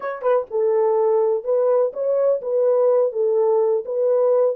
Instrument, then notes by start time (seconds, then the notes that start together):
horn
0.00 C#5
0.21 B4
0.50 A4
1.44 B4
1.93 C#5
2.41 B4
3.12 A4
3.85 B4